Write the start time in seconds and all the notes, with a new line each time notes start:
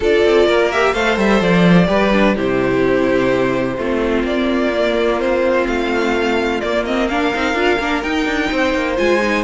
0.00 D4 F4 A4 D5
0.24 C4
0.46 A#3 A#4
0.71 G4 E5
0.92 A3 A4 C5 F5
1.17 G3 E5
1.40 F3 D5
1.86 G3 G4 B4
2.12 D4
2.35 C3 E4 G4 C5
3.77 A3 C4 F4
4.23 A#3 D5
4.72 A#3
5.19 C4 C5
5.67 A3 F5
6.60 A#3 D5
6.85 C4 D#5
7.08 D4 A#4 F5
7.33 C4 D#4
7.54 D4 F4
7.79 A#3 D4
8.02 D#4 G5
8.25 D4
8.51 C4 C5
8.74 A#3
8.97 G#3 F4 G#5
9.21 D#4